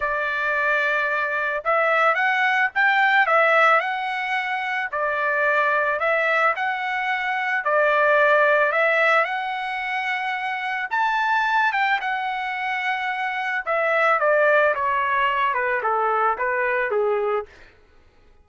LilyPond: \new Staff \with { instrumentName = "trumpet" } { \time 4/4 \tempo 4 = 110 d''2. e''4 | fis''4 g''4 e''4 fis''4~ | fis''4 d''2 e''4 | fis''2 d''2 |
e''4 fis''2. | a''4. g''8 fis''2~ | fis''4 e''4 d''4 cis''4~ | cis''8 b'8 a'4 b'4 gis'4 | }